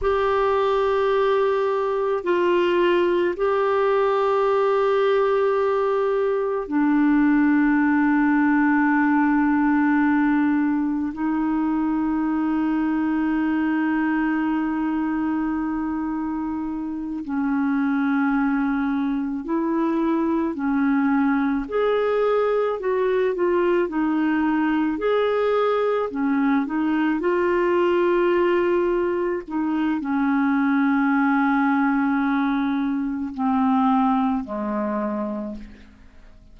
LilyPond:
\new Staff \with { instrumentName = "clarinet" } { \time 4/4 \tempo 4 = 54 g'2 f'4 g'4~ | g'2 d'2~ | d'2 dis'2~ | dis'2.~ dis'8 cis'8~ |
cis'4. e'4 cis'4 gis'8~ | gis'8 fis'8 f'8 dis'4 gis'4 cis'8 | dis'8 f'2 dis'8 cis'4~ | cis'2 c'4 gis4 | }